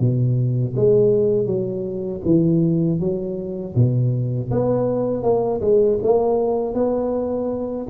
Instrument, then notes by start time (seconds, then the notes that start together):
tuba
0.00 B2
0.76 G#3
1.47 F#3
2.25 E3
3.00 F#3
3.75 B2
4.51 B3
5.23 A#3
5.61 G#3
6.03 A#3
6.75 B3